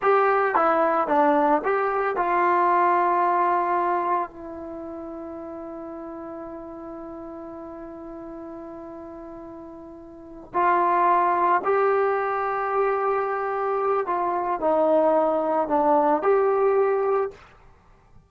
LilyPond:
\new Staff \with { instrumentName = "trombone" } { \time 4/4 \tempo 4 = 111 g'4 e'4 d'4 g'4 | f'1 | e'1~ | e'1~ |
e'2.~ e'8 f'8~ | f'4. g'2~ g'8~ | g'2 f'4 dis'4~ | dis'4 d'4 g'2 | }